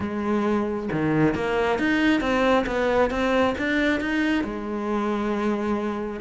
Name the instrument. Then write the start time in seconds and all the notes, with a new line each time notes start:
cello
0.00 G#3
0.92 D#3
1.34 A#3
1.78 D#4
2.20 C4
2.66 B3
3.10 C4
3.58 D4
4.00 D#4
4.44 G#3